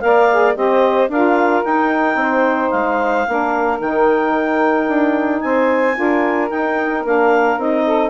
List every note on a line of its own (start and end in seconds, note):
0.00 0.56 A#3
0.00 0.28 A#4
0.00 0.57 D5
0.00 0.54 F5
0.32 0.54 G#4
0.54 1.08 C4
0.54 1.08 G4
0.54 1.10 C5
0.54 1.09 D#5
1.08 1.62 D4
1.08 1.64 F4
1.08 2.18 A#4
1.08 1.64 F5
1.64 3.26 D#4
1.64 2.15 D#4
1.64 2.70 G5
2.15 2.69 C4
2.15 3.28 C5
2.70 3.27 G#3
2.70 3.78 F5
3.28 3.79 A#3
3.28 3.80 D4
3.28 5.43 A#4
3.79 4.87 D#3
3.79 5.93 D#4
3.79 5.40 G5
4.87 5.41 D4
5.40 5.97 C4
5.40 5.97 C5
5.40 6.49 G#5
5.93 6.50 D4
5.93 6.48 F4
5.93 7.85 A#4
6.49 7.04 D#4
6.49 7.05 D#4
6.49 7.03 G5
7.04 7.57 A#3
7.04 7.59 D4
7.04 7.60 F5
7.57 8.10 C4
7.57 8.10 D#4
7.57 8.10 D#5
7.85 8.10 A4